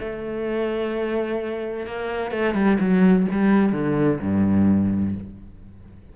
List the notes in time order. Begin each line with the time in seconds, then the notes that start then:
0.00 A3
1.86 A#3
2.31 A3
2.54 G3
2.80 F#3
3.32 G3
3.72 D3
4.21 G2